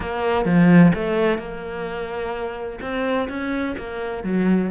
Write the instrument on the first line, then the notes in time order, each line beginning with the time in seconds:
cello
0.00 A#3
0.45 F3
0.94 A3
1.38 A#3
2.81 C4
3.28 C#4
3.77 A#3
4.23 F#3